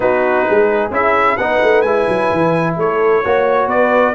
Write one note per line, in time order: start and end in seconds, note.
0.00 0.45 B3
0.00 0.91 D#4
0.00 0.45 F#4
0.00 0.91 B4
0.45 0.90 G#3
0.45 1.37 G#4
0.90 1.36 C#4
0.90 1.37 E4
0.90 1.37 E5
1.37 1.60 B3
1.37 1.86 D#4
1.37 2.77 B4
1.37 1.81 F#5
1.63 1.82 A3
1.81 2.05 G#3
1.81 3.24 E4
1.81 2.73 G#5
2.07 2.30 F#3
2.31 2.77 E3
2.77 3.23 A3
2.77 3.23 A4
2.77 3.69 C#5
3.23 3.66 A#3
3.23 4.14 F#4
3.23 3.67 C#5
3.66 4.12 B3
3.66 4.14 B4
3.66 4.14 D5